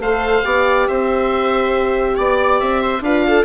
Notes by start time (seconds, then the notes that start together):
0.00 A3 A4 C5 F5
0.43 B3 G4 D5
0.88 C4 C5 E5
2.17 B3 D5
2.60 C4 E5
2.82 C5
3.01 D4 F4 B4 F5
3.27 A4